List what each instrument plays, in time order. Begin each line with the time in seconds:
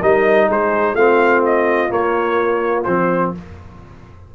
0.00 tuba G3, trombone D#4, horn A#4, trumpet D#5
0.49 tuba G#3, horn G#4, trumpet C5
0.93 tuba A3, trombone C4, horn F4, trumpet F5
1.45 trumpet D#5
1.90 trombone A#3, tuba A#3, trumpet C#5
2.84 tuba F3, trombone C4, trumpet C5